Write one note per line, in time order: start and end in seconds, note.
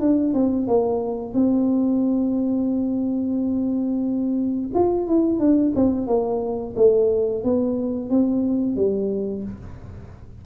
0.00 0.34 D4
0.34 0.67 C4
0.67 1.33 A#3
1.33 4.70 C4
4.74 5.07 F4
5.07 5.39 E4
5.39 5.73 D4
5.75 6.07 C4
6.07 6.74 A#3
6.76 7.43 A3
7.43 8.10 B3
8.10 8.76 C4
8.76 9.43 G3